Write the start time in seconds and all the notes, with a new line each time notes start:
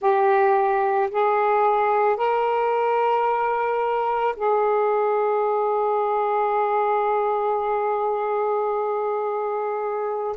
0.00 G4
1.10 G#4
2.16 A#4
4.36 G#4